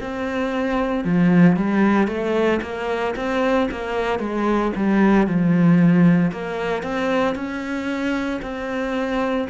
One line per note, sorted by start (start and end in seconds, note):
0.00 1.04 C4
1.04 1.56 F3
1.56 2.07 G3
2.07 2.60 A3
2.62 3.14 A#3
3.16 3.68 C4
3.71 4.19 A#3
4.19 4.71 G#3
4.76 5.27 G3
5.27 6.32 F3
6.32 6.82 A#3
6.82 7.35 C4
7.35 8.40 C#4
8.42 9.47 C4